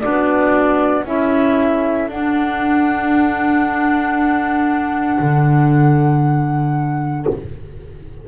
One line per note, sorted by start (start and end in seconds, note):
0.00 1.05 B3
0.00 1.05 D4
0.00 1.04 F#4
0.00 1.03 D5
1.04 2.08 C#4
1.04 2.08 E4
1.04 7.25 A4
1.04 2.09 E5
2.08 5.18 D4
2.08 7.28 D4
2.08 7.27 F#5
5.19 7.26 D3